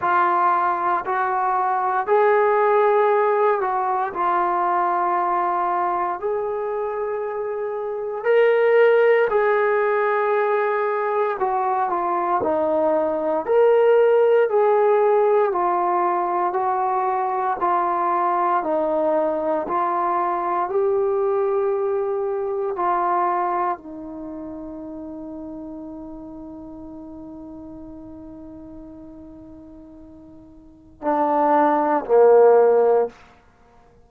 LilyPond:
\new Staff \with { instrumentName = "trombone" } { \time 4/4 \tempo 4 = 58 f'4 fis'4 gis'4. fis'8 | f'2 gis'2 | ais'4 gis'2 fis'8 f'8 | dis'4 ais'4 gis'4 f'4 |
fis'4 f'4 dis'4 f'4 | g'2 f'4 dis'4~ | dis'1~ | dis'2 d'4 ais4 | }